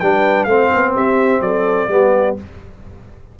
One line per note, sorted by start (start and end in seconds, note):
0.00 0.46 G3
0.00 0.49 D4
0.00 0.49 B4
0.00 0.44 G5
0.44 0.70 A3
0.44 1.90 C4
0.44 0.95 C5
0.44 0.91 F5
0.75 0.97 B3
0.95 1.41 C4
0.95 1.42 G4
0.95 1.42 E5
1.41 1.88 F#3
1.41 1.91 A4
1.41 2.36 D5
1.89 2.36 G3
1.89 2.37 B3
1.89 2.40 G4